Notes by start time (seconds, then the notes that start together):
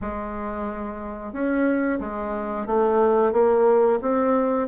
0.01 G#3
1.32 C#4
1.99 G#3
2.66 A3
3.32 A#3
4.01 C4